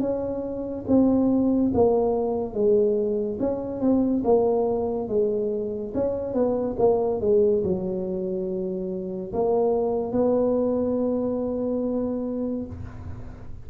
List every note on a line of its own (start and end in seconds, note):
0.00 0.85 C#4
0.87 1.72 C4
1.74 2.54 A#3
2.54 3.38 G#3
3.40 3.81 C#4
3.81 4.23 C4
4.24 5.08 A#3
5.08 5.93 G#3
5.94 6.34 C#4
6.34 6.76 B3
6.78 7.21 A#3
7.21 7.63 G#3
7.63 9.32 F#3
9.33 10.12 A#3
10.12 12.66 B3